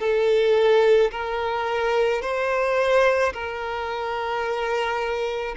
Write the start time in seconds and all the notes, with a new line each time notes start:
0.00 A4
1.11 A#4
2.22 C5
3.33 A#4